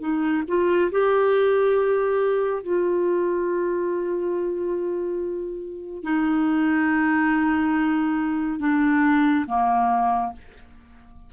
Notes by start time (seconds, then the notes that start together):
0.00 D#4
0.48 F4
0.91 G4
2.63 F4
6.03 D#4
8.59 D4
9.47 A#3